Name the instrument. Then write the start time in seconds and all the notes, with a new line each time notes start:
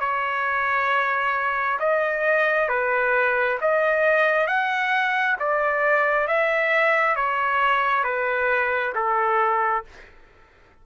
trumpet
0.00 C#5
1.80 D#5
2.69 B4
3.61 D#5
4.48 F#5
5.40 D5
6.28 E5
7.16 C#5
8.04 B4
8.96 A4